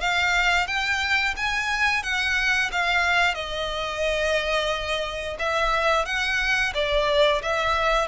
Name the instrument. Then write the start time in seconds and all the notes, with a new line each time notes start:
violin
0.00 F5
0.67 G5
1.36 G#5
2.03 F#5
2.72 F5
3.35 D#5
5.39 E5
6.05 F#5
6.74 D5
7.42 E5